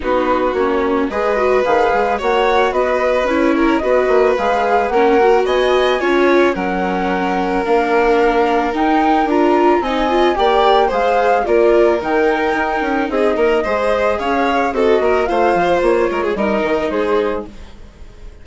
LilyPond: <<
  \new Staff \with { instrumentName = "flute" } { \time 4/4 \tempo 4 = 110 b'4 cis''4 dis''4 f''4 | fis''4 dis''4 cis''4 dis''4 | f''4 fis''4 gis''2 | fis''2 f''2 |
g''4 ais''4 gis''4 g''4 | f''4 d''4 g''2 | dis''2 f''4 dis''4 | f''4 cis''4 dis''4 c''4 | }
  \new Staff \with { instrumentName = "violin" } { \time 4/4 fis'2 b'2 | cis''4 b'4. ais'8 b'4~ | b'4 ais'4 dis''4 cis''4 | ais'1~ |
ais'2 dis''4 d''4 | c''4 ais'2. | gis'8 ais'8 c''4 cis''4 a'8 ais'8 | c''4. ais'16 gis'16 ais'4 gis'4 | }
  \new Staff \with { instrumentName = "viola" } { \time 4/4 dis'4 cis'4 gis'8 fis'8 gis'4 | fis'2 e'4 fis'4 | gis'4 cis'8 fis'4. f'4 | cis'2 d'2 |
dis'4 f'4 dis'8 f'8 g'4 | gis'4 f'4 dis'2~ | dis'4 gis'2 fis'4 | f'2 dis'2 | }
  \new Staff \with { instrumentName = "bassoon" } { \time 4/4 b4 ais4 gis4 dis8 gis8 | ais4 b4 cis'4 b8 ais8 | gis4 ais4 b4 cis'4 | fis2 ais2 |
dis'4 d'4 c'4 ais4 | gis4 ais4 dis4 dis'8 cis'8 | c'8 ais8 gis4 cis'4 c'8 ais8 | a8 f8 ais8 gis8 g8 dis8 gis4 | }
>>